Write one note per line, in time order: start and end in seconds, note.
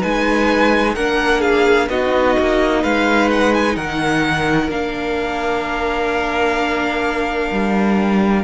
0.00 0.97 G#3
0.00 0.95 D#4
0.00 0.94 B4
0.00 0.95 G#5
0.95 1.90 A#3
0.95 1.91 D4
0.95 1.41 A#4
0.95 1.42 F#5
1.41 1.88 G#4
1.41 1.88 F5
1.90 2.37 B3
1.90 4.70 D#4
1.90 2.82 F#4
1.90 2.84 D#5
2.40 2.85 A#3
2.82 3.77 G#3
2.82 3.76 B4
2.82 3.30 F5
3.31 3.54 F#5
3.54 3.76 G#5
3.76 4.69 D#3
3.76 8.45 A#4
3.76 4.70 F#5
4.69 7.50 A#3
4.69 8.45 D4
4.69 8.45 F5
7.52 8.45 G3